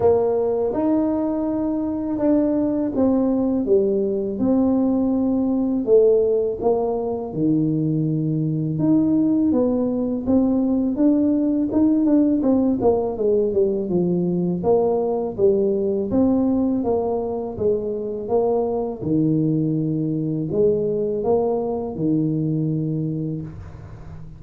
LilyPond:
\new Staff \with { instrumentName = "tuba" } { \time 4/4 \tempo 4 = 82 ais4 dis'2 d'4 | c'4 g4 c'2 | a4 ais4 dis2 | dis'4 b4 c'4 d'4 |
dis'8 d'8 c'8 ais8 gis8 g8 f4 | ais4 g4 c'4 ais4 | gis4 ais4 dis2 | gis4 ais4 dis2 | }